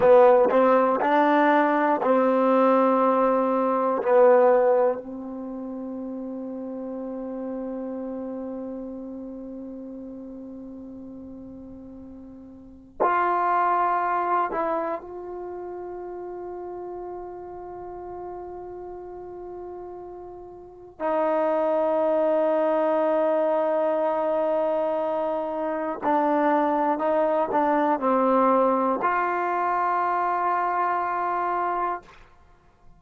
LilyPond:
\new Staff \with { instrumentName = "trombone" } { \time 4/4 \tempo 4 = 60 b8 c'8 d'4 c'2 | b4 c'2.~ | c'1~ | c'4 f'4. e'8 f'4~ |
f'1~ | f'4 dis'2.~ | dis'2 d'4 dis'8 d'8 | c'4 f'2. | }